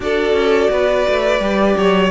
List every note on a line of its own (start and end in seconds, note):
0.00 0.32 D4
0.00 1.39 F#4
0.00 0.70 A4
0.00 2.11 D5
0.32 0.68 C#4
0.70 1.06 B3
0.70 1.76 B4
1.08 1.39 A3
1.39 1.75 G3
1.39 2.11 G4
1.76 2.11 F#3
1.76 2.11 C#5